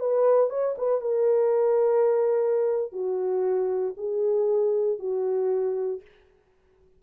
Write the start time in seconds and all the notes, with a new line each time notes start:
0.00 B4
0.50 C#5
0.78 B4
1.01 A#4
2.92 F#4
3.97 G#4
4.99 F#4